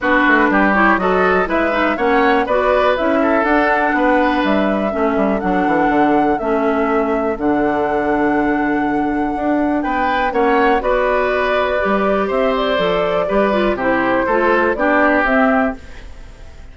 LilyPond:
<<
  \new Staff \with { instrumentName = "flute" } { \time 4/4 \tempo 4 = 122 b'4. cis''8 dis''4 e''4 | fis''4 d''4 e''4 fis''4~ | fis''4 e''2 fis''4~ | fis''4 e''2 fis''4~ |
fis''1 | g''4 fis''4 d''2~ | d''4 e''8 d''2~ d''8 | c''2 d''4 e''4 | }
  \new Staff \with { instrumentName = "oboe" } { \time 4/4 fis'4 g'4 a'4 b'4 | cis''4 b'4. a'4. | b'2 a'2~ | a'1~ |
a'1 | b'4 cis''4 b'2~ | b'4 c''2 b'4 | g'4 a'4 g'2 | }
  \new Staff \with { instrumentName = "clarinet" } { \time 4/4 d'4. e'8 fis'4 e'8 dis'8 | cis'4 fis'4 e'4 d'4~ | d'2 cis'4 d'4~ | d'4 cis'2 d'4~ |
d'1~ | d'4 cis'4 fis'2 | g'2 a'4 g'8 f'8 | e'4 f'4 d'4 c'4 | }
  \new Staff \with { instrumentName = "bassoon" } { \time 4/4 b8 a8 g4 fis4 gis4 | ais4 b4 cis'4 d'4 | b4 g4 a8 g8 fis8 e8 | d4 a2 d4~ |
d2. d'4 | b4 ais4 b2 | g4 c'4 f4 g4 | c4 a4 b4 c'4 | }
>>